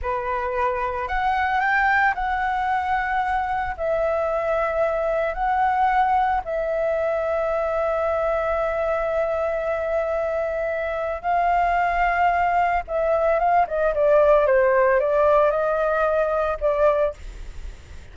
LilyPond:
\new Staff \with { instrumentName = "flute" } { \time 4/4 \tempo 4 = 112 b'2 fis''4 g''4 | fis''2. e''4~ | e''2 fis''2 | e''1~ |
e''1~ | e''4 f''2. | e''4 f''8 dis''8 d''4 c''4 | d''4 dis''2 d''4 | }